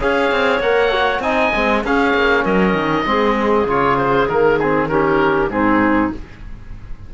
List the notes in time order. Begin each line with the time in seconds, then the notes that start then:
0.00 C#4 G#4 C#5 F5
0.31 C4
0.59 A#3 A#4 F#5
0.92 F#4
1.19 C4 D#4 D#5 G#5
1.54 G#3 C4
1.84 C#4 G#4 F5
2.14 A#3
2.43 F#3 A#4 D#5
2.74 D#3
3.05 G#3 C4 G#4
3.65 C#3 F4 C#5
3.97 C5
4.29 D#3 A#3 A#4
4.59 C4 G#4
4.88 C#4 G4 A#4
5.49 G#2 C4 D#4 G#4